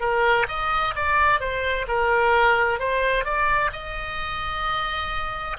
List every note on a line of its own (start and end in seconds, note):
0.00 0.46 A#4
0.48 0.94 D#5
0.95 1.40 D5
1.40 1.86 C5
1.88 2.79 A#4
2.79 3.24 C5
3.24 3.70 D5
3.72 5.57 D#5